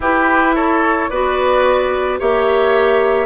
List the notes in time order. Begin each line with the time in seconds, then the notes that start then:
0.00 E4 G4 B4
0.55 A4 C#5
1.09 B3 F#4 B4 D5
2.19 A#3 G4 C#5 E5